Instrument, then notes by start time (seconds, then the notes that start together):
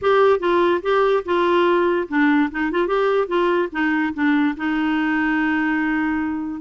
clarinet
0.01 G4
0.39 F4
0.82 G4
1.25 F4
2.08 D4
2.51 D#4
2.71 F4
2.87 G4
3.27 F4
3.72 D#4
4.14 D4
4.56 D#4